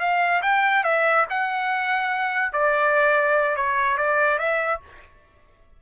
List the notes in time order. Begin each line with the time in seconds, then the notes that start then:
0.00 F5
0.42 G5
0.84 E5
1.30 F#5
2.53 D5
3.56 C#5
3.98 D5
4.39 E5